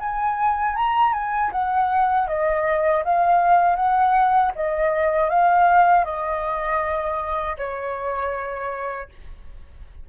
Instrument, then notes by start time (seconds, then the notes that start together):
flute
0.00 G#5
0.76 A#5
1.13 G#5
1.52 F#5
2.27 D#5
3.04 F5
3.76 F#5
4.55 D#5
5.29 F5
6.04 D#5
7.57 C#5